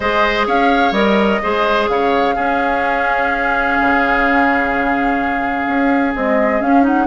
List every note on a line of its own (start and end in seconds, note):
0.00 0.47 G#3
0.00 0.93 G#4
0.00 0.46 C5
0.00 0.46 D#5
0.46 0.91 C#4
0.46 1.41 C#5
0.46 0.92 F5
0.91 1.38 G3
0.91 1.40 A#4
0.91 1.87 D#5
1.42 1.89 G#3
1.42 2.35 G#4
1.42 1.89 C5
1.89 2.36 C#3
1.89 2.35 C#5
1.89 6.14 F5
2.35 6.13 C#4
2.35 3.78 C#4
2.35 7.06 G#4
3.80 5.66 C#3
5.66 6.14 C#4
6.15 6.60 G#3
6.15 6.61 C4
6.15 6.61 D#5
6.60 6.82 C#4
6.60 7.06 C#4
6.60 6.85 F5
6.82 7.06 D#4
6.82 7.06 F#5